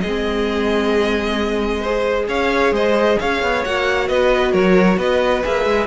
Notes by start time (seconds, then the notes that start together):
0.00 G#3 G#4 D#5
0.06 C4
1.80 G#4 C5
2.28 C#4 C#5 F5
2.71 G#3 C5 D#5
3.19 C#4 C#5 F5
3.42 B3
3.64 A#3 F#4 F#5
4.08 B3 B4 D#5
4.52 F#3 A#4 C#5
4.97 B3 B4 D#5
5.43 A#3 G#4 E5
5.65 G#3